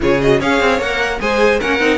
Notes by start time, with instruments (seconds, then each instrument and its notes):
0.00 cello C#3, viola F4, violin G#4 C#5
0.21 viola F#4, violin D#5
0.39 cello C#4, viola G#4, violin C#5 F5
0.60 cello C4
0.79 cello A#3, viola A#4, violin F#5
1.19 cello G#3, viola G#4, violin C5 G#5
1.59 cello A#3, viola C#4, violin A#4 F#5
1.79 cello C4, viola D#4